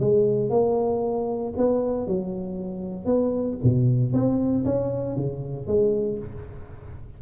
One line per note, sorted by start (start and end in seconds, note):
0.00 0.50 G#3
0.50 1.53 A#3
1.57 2.07 B3
2.07 3.06 F#3
3.06 3.57 B3
3.64 4.13 B2
4.13 4.65 C4
4.65 5.16 C#4
5.16 5.67 C#3
5.67 6.19 G#3